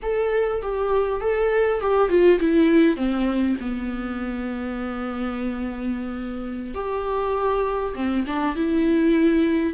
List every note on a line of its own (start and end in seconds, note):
0.02 0.61 A4
0.61 1.20 G4
1.20 1.80 A4
1.80 2.09 G4
2.09 2.39 F4
2.39 2.96 E4
2.96 3.56 C4
3.60 6.74 B3
6.74 7.94 G4
7.94 8.24 C4
8.26 8.55 D4
8.55 9.73 E4